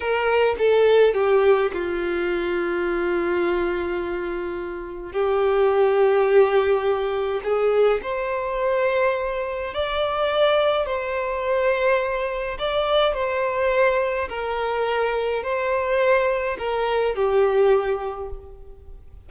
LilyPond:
\new Staff \with { instrumentName = "violin" } { \time 4/4 \tempo 4 = 105 ais'4 a'4 g'4 f'4~ | f'1~ | f'4 g'2.~ | g'4 gis'4 c''2~ |
c''4 d''2 c''4~ | c''2 d''4 c''4~ | c''4 ais'2 c''4~ | c''4 ais'4 g'2 | }